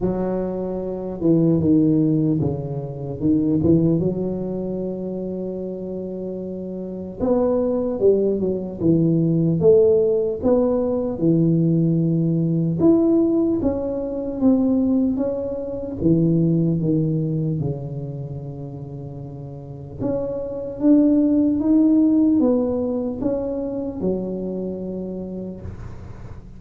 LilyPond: \new Staff \with { instrumentName = "tuba" } { \time 4/4 \tempo 4 = 75 fis4. e8 dis4 cis4 | dis8 e8 fis2.~ | fis4 b4 g8 fis8 e4 | a4 b4 e2 |
e'4 cis'4 c'4 cis'4 | e4 dis4 cis2~ | cis4 cis'4 d'4 dis'4 | b4 cis'4 fis2 | }